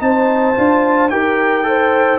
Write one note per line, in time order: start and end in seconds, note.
0.00 0.56 C4
0.00 0.55 D#4
0.00 1.12 C5
0.00 1.10 A5
0.55 1.10 D4
0.55 1.10 F4
1.10 2.19 D#4
1.10 1.64 G4
1.10 1.67 A#4
1.10 2.19 G5
1.64 2.18 A4
1.64 2.19 C5